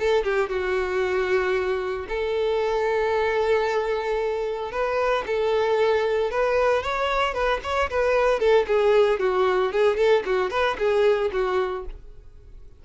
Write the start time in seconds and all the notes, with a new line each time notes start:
0.00 A4
0.24 G4
0.49 F#4
2.09 A4
4.72 B4
5.27 A4
6.31 B4
6.83 C#5
7.34 B4
7.63 C#5
7.90 B4
8.40 A4
8.67 G#4
9.20 F#4
9.72 G#4
9.97 A4
10.26 F#4
10.51 B4
10.78 G#4
11.33 F#4